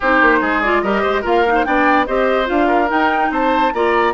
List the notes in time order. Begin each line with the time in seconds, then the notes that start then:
0.00 C4 D#4 G4 C5
0.21 A#3
0.40 G#3 G#4
0.61 F4 D5
0.81 G3 G4 A#4 D#5
1.01 G#3 C5
1.21 A#3 F4 A#4 F5
1.47 D#4
1.54 C5
1.64 B3 D4 D5 G5
2.06 C4 G4 C5 D#5
2.45 D4 F4 F5
2.67 A#4
2.88 D#4 G5
3.30 C4 C5 A5
3.73 A#3 F4 D5 A#5